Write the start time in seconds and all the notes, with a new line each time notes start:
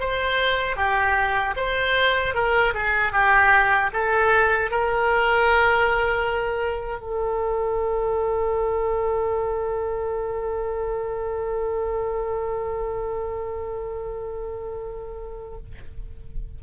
0.00 C5
0.76 G4
1.57 C5
2.34 A#4
2.74 G#4
3.12 G4
3.93 A4
4.71 A#4
7.01 A4